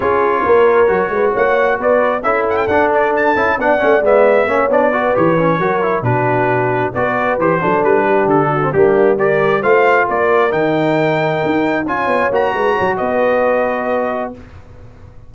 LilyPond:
<<
  \new Staff \with { instrumentName = "trumpet" } { \time 4/4 \tempo 4 = 134 cis''2. fis''4 | d''4 e''8 fis''16 g''16 fis''8 d''8 a''4 | fis''4 e''4. d''4 cis''8~ | cis''4. b'2 d''8~ |
d''8 c''4 b'4 a'4 g'8~ | g'8 d''4 f''4 d''4 g''8~ | g''2~ g''8 gis''4 ais''8~ | ais''4 dis''2. | }
  \new Staff \with { instrumentName = "horn" } { \time 4/4 gis'4 ais'4. b'8 cis''4 | b'4 a'2. | d''2 cis''4 b'4~ | b'8 ais'4 fis'2 b'8~ |
b'4 a'4 g'4 fis'8 d'8~ | d'8 ais'4 c''4 ais'4.~ | ais'2~ ais'8 cis''4. | b'8 cis''8 b'2. | }
  \new Staff \with { instrumentName = "trombone" } { \time 4/4 f'2 fis'2~ | fis'4 e'4 d'4. e'8 | d'8 cis'8 b4 cis'8 d'8 fis'8 g'8 | cis'8 fis'8 e'8 d'2 fis'8~ |
fis'8 g'8 d'2~ d'16 c'16 ais8~ | ais8 g'4 f'2 dis'8~ | dis'2~ dis'8 f'4 fis'8~ | fis'1 | }
  \new Staff \with { instrumentName = "tuba" } { \time 4/4 cis'4 ais4 fis8 gis8 ais4 | b4 cis'4 d'4. cis'8 | b8 a8 gis4 ais8 b4 e8~ | e8 fis4 b,2 b8~ |
b8 e8 fis8 g4 d4 g8~ | g4. a4 ais4 dis8~ | dis4. dis'4 cis'8 b8 ais8 | gis8 fis8 b2. | }
>>